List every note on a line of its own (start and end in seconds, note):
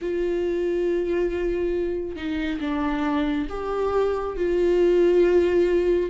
0.01 2.16 F4
2.16 2.59 D#4
2.60 3.47 D4
3.49 4.36 G4
4.36 6.09 F4